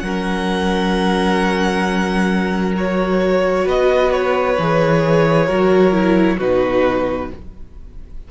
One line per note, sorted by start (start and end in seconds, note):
0.00 3.66 F#3
0.00 2.76 C#4
0.00 3.65 A#4
0.00 2.73 F#5
2.76 4.58 F#4
2.76 3.69 C#5
3.65 4.58 B3
3.65 5.46 B4
3.65 4.12 D#5
4.12 6.40 C#5
4.59 5.50 E3
4.59 5.48 G#4
5.46 6.40 F#3
5.46 5.93 F#4
5.46 6.37 A#4
5.93 6.38 E4
6.38 7.30 B2
6.38 7.31 D#4
6.38 7.29 F#4
6.38 7.31 B4